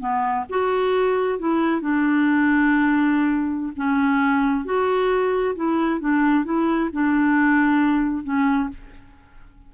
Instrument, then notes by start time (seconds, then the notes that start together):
clarinet
0.00 B3
0.49 F#4
1.39 E4
1.81 D4
3.76 C#4
4.65 F#4
5.55 E4
6.00 D4
6.44 E4
6.93 D4
8.24 C#4